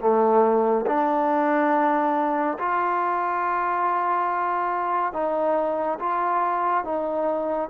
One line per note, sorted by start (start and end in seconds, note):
0.00 0.86 A3
0.86 2.58 D4
2.59 5.13 F4
5.13 5.98 D#4
6.00 6.84 F4
6.84 7.69 D#4